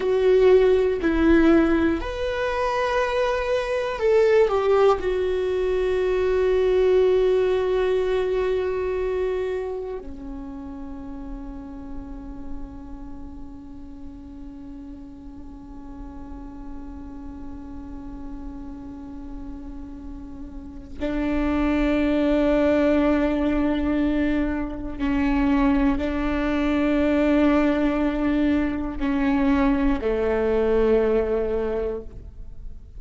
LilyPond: \new Staff \with { instrumentName = "viola" } { \time 4/4 \tempo 4 = 60 fis'4 e'4 b'2 | a'8 g'8 fis'2.~ | fis'2 cis'2~ | cis'1~ |
cis'1~ | cis'4 d'2.~ | d'4 cis'4 d'2~ | d'4 cis'4 a2 | }